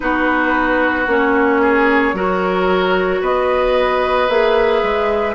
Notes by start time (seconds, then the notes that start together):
0.00 B3 D#4 F#4 B4
1.06 A#3 C#4 C#5
1.61 G#4
2.13 F#3 F#4 A#4
3.20 B3 B4 D#5
4.28 A#3 G#4 E5
4.82 G#3